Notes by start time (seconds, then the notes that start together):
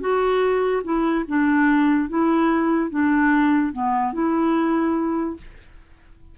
0.00 F#4
0.83 E4
1.28 D4
2.09 E4
2.90 D4
3.72 B3
4.13 E4